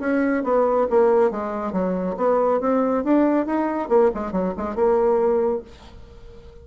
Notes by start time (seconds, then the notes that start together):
0.00 C#4
0.43 B3
0.90 A#3
1.31 G#3
1.72 F#3
2.17 B3
2.60 C4
3.04 D4
3.46 D#4
3.89 A#3
4.14 G#3
4.32 F#3
4.57 G#3
4.75 A#3